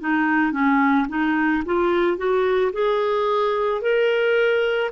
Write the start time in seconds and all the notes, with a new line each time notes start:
0.00 D#4
0.52 C#4
1.09 D#4
1.65 F4
2.17 F#4
2.72 G#4
3.81 A#4